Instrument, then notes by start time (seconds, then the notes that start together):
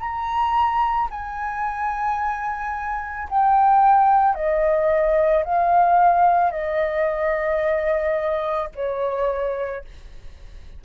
flute
0.00 A#5
1.11 G#5
3.30 G5
4.35 D#5
5.45 F5
6.52 D#5
8.76 C#5